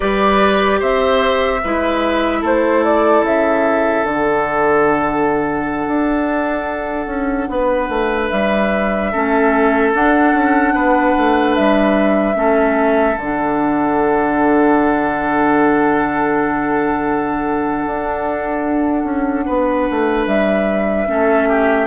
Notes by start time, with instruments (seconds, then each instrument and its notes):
0.00 bassoon G3, clarinet G4, oboe B4, flute D5
0.79 bassoon C4, oboe C5, flute E5
1.63 bassoon G#3, clarinet E4, oboe B4
2.41 bassoon A3, oboe A4, flute C5
2.83 flute D5
3.22 bassoon C#3, flute E5
4.03 bassoon D3, clarinet D4, flute F#5
5.87 bassoon D4
7.06 bassoon C#4
7.49 bassoon B3, oboe B4
7.88 bassoon A3
8.29 bassoon G3, flute E5
9.11 bassoon A3, clarinet C#4, oboe A4
9.93 clarinet D4, bassoon D4, flute F#5
10.33 bassoon C#4
10.73 bassoon B3, oboe B4
11.17 bassoon A3
11.55 bassoon G3, flute E5
12.34 bassoon A3, clarinet C#4, oboe A4
13.17 bassoon D3, clarinet D4, flute F#5
17.85 bassoon D4
19.04 bassoon C#4
19.45 bassoon B3, oboe B4
19.90 bassoon A3
20.26 bassoon G3, flute E5
21.07 bassoon A3, clarinet C#4, oboe A4
21.48 oboe G4